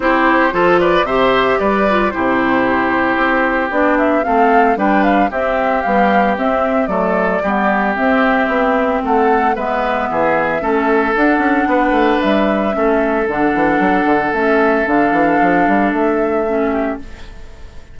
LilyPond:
<<
  \new Staff \with { instrumentName = "flute" } { \time 4/4 \tempo 4 = 113 c''4. d''8 e''4 d''4 | c''2. d''8 e''8 | f''4 g''8 f''8 e''4 f''4 | e''4 d''2 e''4~ |
e''4 fis''4 e''2~ | e''4 fis''2 e''4~ | e''4 fis''2 e''4 | f''2 e''2 | }
  \new Staff \with { instrumentName = "oboe" } { \time 4/4 g'4 a'8 b'8 c''4 b'4 | g'1 | a'4 b'4 g'2~ | g'4 a'4 g'2~ |
g'4 a'4 b'4 gis'4 | a'2 b'2 | a'1~ | a'2.~ a'8 g'8 | }
  \new Staff \with { instrumentName = "clarinet" } { \time 4/4 e'4 f'4 g'4. f'8 | e'2. d'4 | c'4 d'4 c'4 g4 | c'4 a4 b4 c'4~ |
c'2 b2 | cis'4 d'2. | cis'4 d'2 cis'4 | d'2. cis'4 | }
  \new Staff \with { instrumentName = "bassoon" } { \time 4/4 c'4 f4 c4 g4 | c2 c'4 b4 | a4 g4 c'4 b4 | c'4 fis4 g4 c'4 |
b4 a4 gis4 e4 | a4 d'8 cis'8 b8 a8 g4 | a4 d8 e8 fis8 d8 a4 | d8 e8 f8 g8 a2 | }
>>